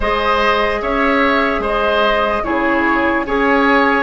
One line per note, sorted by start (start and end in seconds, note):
0.00 0.81 G#3
0.00 2.44 G#4
0.00 0.81 C5
0.00 0.82 D#5
0.81 1.59 C#4
0.81 1.61 C#5
0.81 1.63 E5
1.59 2.40 G#3
1.59 2.42 C5
1.65 2.43 D#5
2.43 3.26 C#3
2.43 3.25 E4
2.43 3.26 G#4
2.43 3.24 C#5
3.25 4.03 C#4
3.25 4.03 G#4
3.25 4.03 C#5
3.25 4.03 G#5